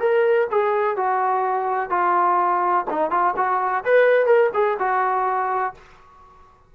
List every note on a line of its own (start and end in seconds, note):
0.00 0.48 A#4
0.51 0.97 G#4
0.97 1.90 F#4
1.90 2.85 F4
2.90 3.11 D#4
3.11 3.34 F4
3.37 3.84 F#4
3.85 4.26 B4
4.26 4.50 A#4
4.54 4.78 G#4
4.79 5.74 F#4